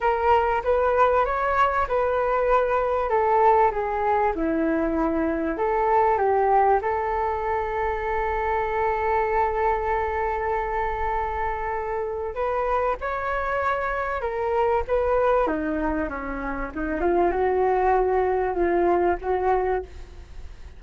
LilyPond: \new Staff \with { instrumentName = "flute" } { \time 4/4 \tempo 4 = 97 ais'4 b'4 cis''4 b'4~ | b'4 a'4 gis'4 e'4~ | e'4 a'4 g'4 a'4~ | a'1~ |
a'1 | b'4 cis''2 ais'4 | b'4 dis'4 cis'4 dis'8 f'8 | fis'2 f'4 fis'4 | }